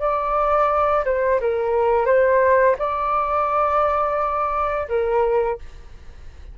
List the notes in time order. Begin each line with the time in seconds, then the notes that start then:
0.00 D5
1.05 C5
1.41 A#4
2.06 C5
2.79 D5
4.89 A#4